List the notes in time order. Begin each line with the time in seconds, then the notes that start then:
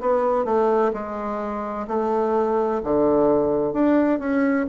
0.00 B3
0.45 A3
0.93 G#3
1.87 A3
2.83 D3
3.73 D4
4.19 C#4